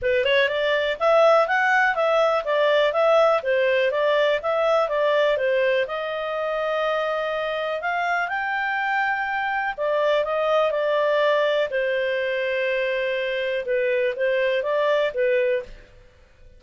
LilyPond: \new Staff \with { instrumentName = "clarinet" } { \time 4/4 \tempo 4 = 123 b'8 cis''8 d''4 e''4 fis''4 | e''4 d''4 e''4 c''4 | d''4 e''4 d''4 c''4 | dis''1 |
f''4 g''2. | d''4 dis''4 d''2 | c''1 | b'4 c''4 d''4 b'4 | }